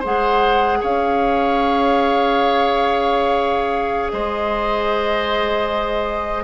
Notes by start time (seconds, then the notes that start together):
0.00 G#3 G#4 C5 F#5
0.81 C#4 C#5 F5
4.11 G#3 C5 D#5